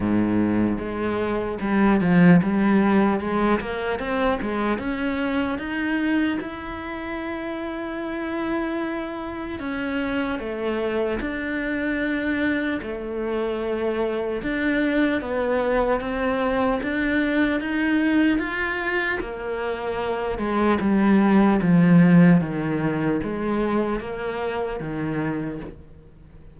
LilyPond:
\new Staff \with { instrumentName = "cello" } { \time 4/4 \tempo 4 = 75 gis,4 gis4 g8 f8 g4 | gis8 ais8 c'8 gis8 cis'4 dis'4 | e'1 | cis'4 a4 d'2 |
a2 d'4 b4 | c'4 d'4 dis'4 f'4 | ais4. gis8 g4 f4 | dis4 gis4 ais4 dis4 | }